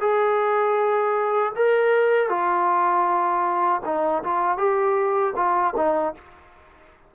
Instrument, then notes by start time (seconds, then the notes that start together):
trombone
0.00 G#4
1.55 A#4
2.29 F4
3.85 D#4
4.23 F4
4.57 G4
5.35 F4
5.76 D#4